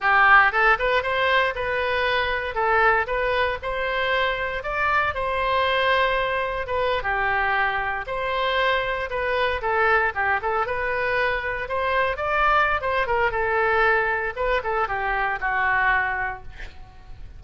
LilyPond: \new Staff \with { instrumentName = "oboe" } { \time 4/4 \tempo 4 = 117 g'4 a'8 b'8 c''4 b'4~ | b'4 a'4 b'4 c''4~ | c''4 d''4 c''2~ | c''4 b'8. g'2 c''16~ |
c''4.~ c''16 b'4 a'4 g'16~ | g'16 a'8 b'2 c''4 d''16~ | d''4 c''8 ais'8 a'2 | b'8 a'8 g'4 fis'2 | }